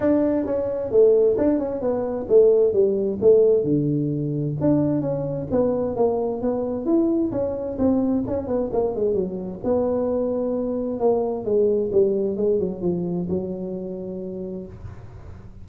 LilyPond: \new Staff \with { instrumentName = "tuba" } { \time 4/4 \tempo 4 = 131 d'4 cis'4 a4 d'8 cis'8 | b4 a4 g4 a4 | d2 d'4 cis'4 | b4 ais4 b4 e'4 |
cis'4 c'4 cis'8 b8 ais8 gis8 | fis4 b2. | ais4 gis4 g4 gis8 fis8 | f4 fis2. | }